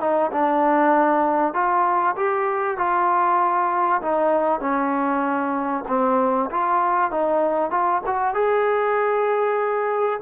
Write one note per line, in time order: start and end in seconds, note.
0.00 0.31 D#4
0.32 1.54 D4
1.54 2.15 F4
2.16 2.78 G4
2.78 4.01 F4
4.02 4.60 D#4
4.60 5.84 C#4
5.88 6.50 C4
6.51 7.11 F4
7.11 7.70 D#4
7.70 8.01 F4
8.06 8.34 F#4
8.34 10.20 G#4